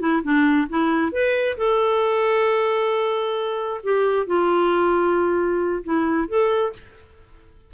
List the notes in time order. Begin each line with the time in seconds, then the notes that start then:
0.00 E4
0.23 D4
0.69 E4
1.12 B4
1.58 A4
3.84 G4
4.27 F4
5.84 E4
6.29 A4